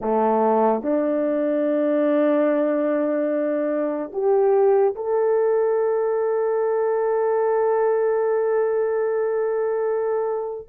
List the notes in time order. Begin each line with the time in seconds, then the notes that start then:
0.01 A3
0.82 D4
4.12 G4
4.95 A4